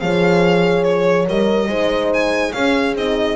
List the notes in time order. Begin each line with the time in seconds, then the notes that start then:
0.00 F3 G#4 C#5 F5
0.84 C#5
1.27 G3 A#4 D#5
1.68 G#3 D#4 C5
2.13 G#5
2.52 C#4 G#4 F5
2.95 C4 D#4 D#5